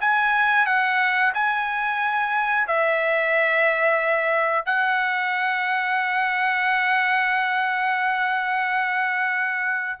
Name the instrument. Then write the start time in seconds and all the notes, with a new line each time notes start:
trumpet
0.00 G#5
0.66 F#5
1.34 G#5
2.67 E5
4.65 F#5